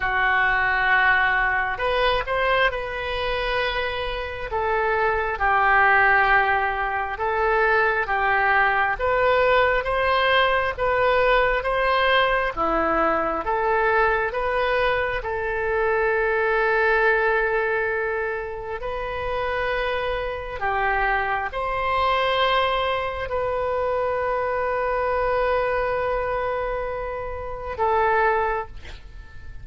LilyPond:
\new Staff \with { instrumentName = "oboe" } { \time 4/4 \tempo 4 = 67 fis'2 b'8 c''8 b'4~ | b'4 a'4 g'2 | a'4 g'4 b'4 c''4 | b'4 c''4 e'4 a'4 |
b'4 a'2.~ | a'4 b'2 g'4 | c''2 b'2~ | b'2. a'4 | }